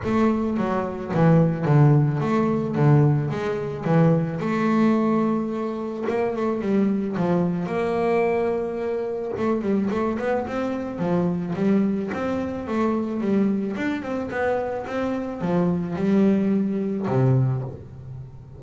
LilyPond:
\new Staff \with { instrumentName = "double bass" } { \time 4/4 \tempo 4 = 109 a4 fis4 e4 d4 | a4 d4 gis4 e4 | a2. ais8 a8 | g4 f4 ais2~ |
ais4 a8 g8 a8 b8 c'4 | f4 g4 c'4 a4 | g4 d'8 c'8 b4 c'4 | f4 g2 c4 | }